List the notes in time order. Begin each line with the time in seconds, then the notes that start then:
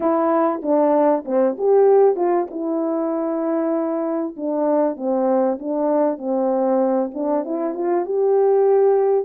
0.00 E4
0.62 D4
1.25 C4
1.57 G4
2.16 F4
2.50 E4
4.36 D4
4.96 C4
5.59 D4
6.18 C4
7.14 D4
7.45 E4
7.74 F4
8.05 G4